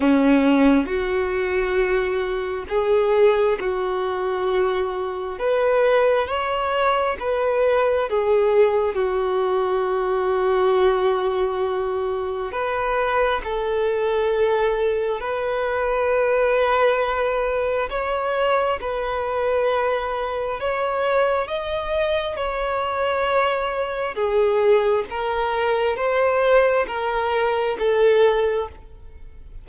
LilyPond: \new Staff \with { instrumentName = "violin" } { \time 4/4 \tempo 4 = 67 cis'4 fis'2 gis'4 | fis'2 b'4 cis''4 | b'4 gis'4 fis'2~ | fis'2 b'4 a'4~ |
a'4 b'2. | cis''4 b'2 cis''4 | dis''4 cis''2 gis'4 | ais'4 c''4 ais'4 a'4 | }